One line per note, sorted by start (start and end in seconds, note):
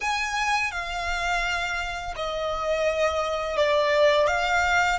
0.01 0.71 G#5
0.71 2.14 F5
2.16 3.56 D#5
3.56 4.27 D5
4.27 4.98 F5